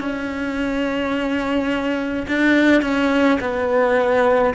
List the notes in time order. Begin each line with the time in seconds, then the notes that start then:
0.00 C#4
2.27 D4
2.82 C#4
3.41 B3